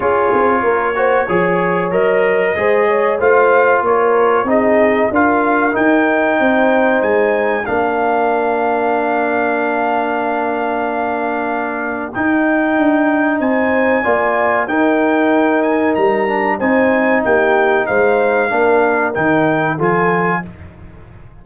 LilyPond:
<<
  \new Staff \with { instrumentName = "trumpet" } { \time 4/4 \tempo 4 = 94 cis''2. dis''4~ | dis''4 f''4 cis''4 dis''4 | f''4 g''2 gis''4 | f''1~ |
f''2. g''4~ | g''4 gis''2 g''4~ | g''8 gis''8 ais''4 gis''4 g''4 | f''2 g''4 gis''4 | }
  \new Staff \with { instrumentName = "horn" } { \time 4/4 gis'4 ais'8 c''8 cis''2 | c''8 cis''8 c''4 ais'4 gis'4 | ais'2 c''2 | ais'1~ |
ais'1~ | ais'4 c''4 d''4 ais'4~ | ais'2 c''4 g'4 | c''4 ais'2 a'4 | }
  \new Staff \with { instrumentName = "trombone" } { \time 4/4 f'4. fis'8 gis'4 ais'4 | gis'4 f'2 dis'4 | f'4 dis'2. | d'1~ |
d'2. dis'4~ | dis'2 f'4 dis'4~ | dis'4. d'8 dis'2~ | dis'4 d'4 dis'4 f'4 | }
  \new Staff \with { instrumentName = "tuba" } { \time 4/4 cis'8 c'8 ais4 f4 fis4 | gis4 a4 ais4 c'4 | d'4 dis'4 c'4 gis4 | ais1~ |
ais2. dis'4 | d'4 c'4 ais4 dis'4~ | dis'4 g4 c'4 ais4 | gis4 ais4 dis4 f4 | }
>>